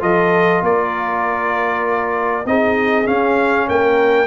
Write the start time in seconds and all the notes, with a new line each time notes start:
0.00 F3 F4 A4 D#5
0.62 A#3 A#4 D5
2.45 C4 D#4 G#4 D#5
3.06 C#4 F5
3.68 A#3 A#4 G5